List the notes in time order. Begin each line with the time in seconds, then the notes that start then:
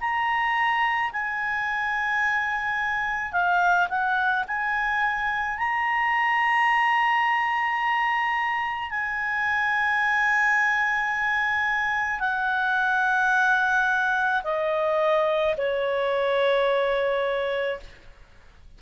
0.00 A#5
1.12 G#5
3.32 F5
3.88 F#5
4.47 G#5
5.58 A#5
8.90 G#5
12.20 F#5
14.43 D#5
15.57 C#5